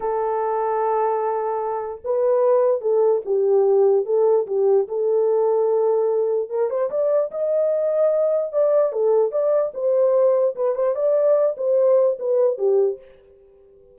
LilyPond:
\new Staff \with { instrumentName = "horn" } { \time 4/4 \tempo 4 = 148 a'1~ | a'4 b'2 a'4 | g'2 a'4 g'4 | a'1 |
ais'8 c''8 d''4 dis''2~ | dis''4 d''4 a'4 d''4 | c''2 b'8 c''8 d''4~ | d''8 c''4. b'4 g'4 | }